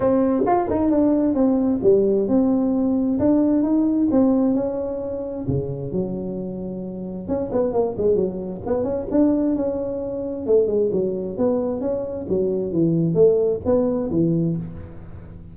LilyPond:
\new Staff \with { instrumentName = "tuba" } { \time 4/4 \tempo 4 = 132 c'4 f'8 dis'8 d'4 c'4 | g4 c'2 d'4 | dis'4 c'4 cis'2 | cis4 fis2. |
cis'8 b8 ais8 gis8 fis4 b8 cis'8 | d'4 cis'2 a8 gis8 | fis4 b4 cis'4 fis4 | e4 a4 b4 e4 | }